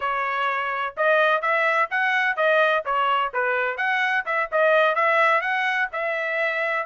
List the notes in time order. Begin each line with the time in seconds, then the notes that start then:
0.00 C#5
0.97 D#5
1.41 E5
1.90 F#5
2.36 D#5
2.85 C#5
3.33 B4
3.77 F#5
4.25 E5
4.51 D#5
4.95 E5
5.41 F#5
5.92 E5